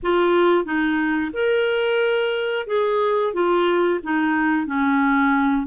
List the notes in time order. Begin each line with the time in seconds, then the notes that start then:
0.02 F4
0.64 D#4
1.33 A#4
2.67 G#4
3.33 F4
4.03 D#4
4.66 C#4